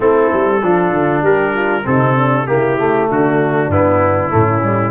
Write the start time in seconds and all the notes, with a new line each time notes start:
0.00 A3 C4 E4 A4
0.32 G3
0.62 F3 D4 F4
0.92 D3
1.22 G3 G4 A#4
1.54 F4
1.83 C3 C4 D#4 A4
2.15 D4
2.47 C#3 A#3 E4 G4
2.78 A3
3.09 D3 D4 F#4
3.68 G2 B3 E4
4.29 A2 A3 C#4
4.63 G3